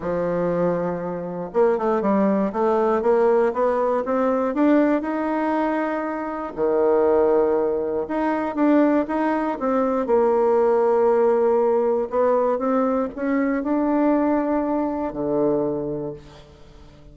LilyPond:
\new Staff \with { instrumentName = "bassoon" } { \time 4/4 \tempo 4 = 119 f2. ais8 a8 | g4 a4 ais4 b4 | c'4 d'4 dis'2~ | dis'4 dis2. |
dis'4 d'4 dis'4 c'4 | ais1 | b4 c'4 cis'4 d'4~ | d'2 d2 | }